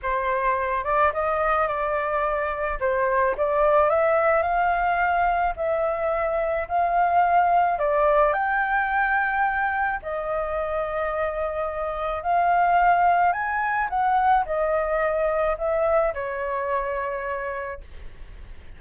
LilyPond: \new Staff \with { instrumentName = "flute" } { \time 4/4 \tempo 4 = 108 c''4. d''8 dis''4 d''4~ | d''4 c''4 d''4 e''4 | f''2 e''2 | f''2 d''4 g''4~ |
g''2 dis''2~ | dis''2 f''2 | gis''4 fis''4 dis''2 | e''4 cis''2. | }